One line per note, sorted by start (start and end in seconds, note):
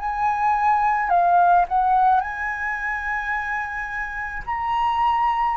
0.00 1.10 G#5
1.10 1.65 F5
1.69 2.20 F#5
2.20 4.42 G#5
4.46 5.57 A#5